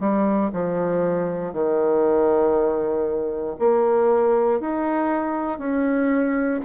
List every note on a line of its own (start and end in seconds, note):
0.00 0.51 G3
0.53 1.53 F3
1.53 3.57 D#3
3.59 4.60 A#3
4.60 5.59 D#4
5.59 6.61 C#4